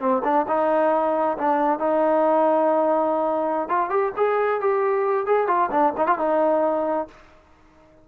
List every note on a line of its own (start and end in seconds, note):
0.00 0.22 C4
0.24 0.46 D4
0.48 1.37 D#4
1.38 1.79 D4
1.79 3.69 D#4
3.69 3.90 F4
3.90 4.12 G4
4.16 4.61 G#4
4.61 5.26 G4
5.26 5.47 G#4
5.47 5.70 F4
5.71 5.93 D4
5.97 6.07 D#4
6.07 6.18 F4
6.18 7.08 D#4